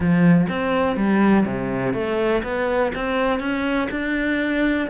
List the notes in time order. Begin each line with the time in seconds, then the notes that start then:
0.00 F3
0.49 C4
0.96 G3
1.45 C3
1.93 A3
2.43 B3
2.94 C4
3.39 C#4
3.90 D4